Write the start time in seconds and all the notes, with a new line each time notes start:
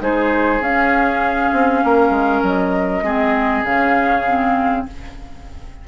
0.00 G#3 D#4 G#4 C5
0.60 C#4 F5
1.53 C4
1.84 A#3 A#4
2.10 G#3
2.43 F#3 D#5
3.02 G#3 C4 G#4
3.64 C#3 C#4 F5
4.27 C4